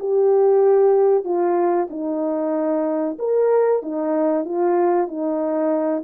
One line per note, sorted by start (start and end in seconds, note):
0.00 1.24 G4
1.24 1.88 F4
1.90 3.18 D#4
3.19 3.83 A#4
3.83 4.45 D#4
4.45 5.08 F4
5.08 6.04 D#4